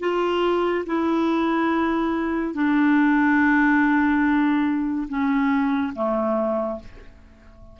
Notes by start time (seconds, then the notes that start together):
0.00 F4
0.86 E4
2.54 D4
5.09 C#4
5.95 A3